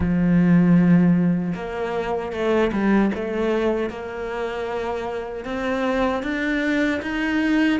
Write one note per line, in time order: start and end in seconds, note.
0.00 1.54 F3
1.54 2.32 A#3
2.32 2.71 A3
2.72 3.11 G3
3.14 3.89 A3
3.89 5.44 A#3
5.44 6.22 C4
6.22 7.00 D4
7.02 7.80 D#4